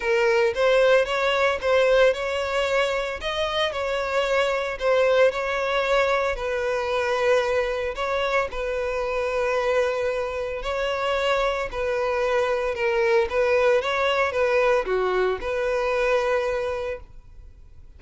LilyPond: \new Staff \with { instrumentName = "violin" } { \time 4/4 \tempo 4 = 113 ais'4 c''4 cis''4 c''4 | cis''2 dis''4 cis''4~ | cis''4 c''4 cis''2 | b'2. cis''4 |
b'1 | cis''2 b'2 | ais'4 b'4 cis''4 b'4 | fis'4 b'2. | }